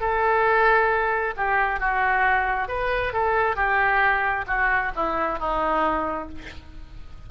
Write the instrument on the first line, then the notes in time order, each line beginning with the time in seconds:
oboe
0.00 A4
1.36 G4
1.80 F#4
2.68 B4
3.13 A4
3.55 G4
4.47 F#4
4.95 E4
5.39 D#4